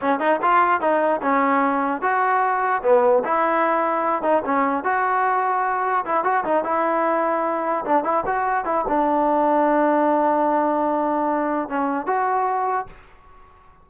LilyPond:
\new Staff \with { instrumentName = "trombone" } { \time 4/4 \tempo 4 = 149 cis'8 dis'8 f'4 dis'4 cis'4~ | cis'4 fis'2 b4 | e'2~ e'8 dis'8 cis'4 | fis'2. e'8 fis'8 |
dis'8 e'2. d'8 | e'8 fis'4 e'8 d'2~ | d'1~ | d'4 cis'4 fis'2 | }